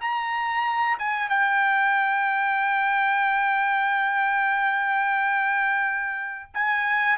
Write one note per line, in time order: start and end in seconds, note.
0.00 0.98 A#5
0.98 1.29 G#5
1.29 6.50 G5
6.53 7.18 G#5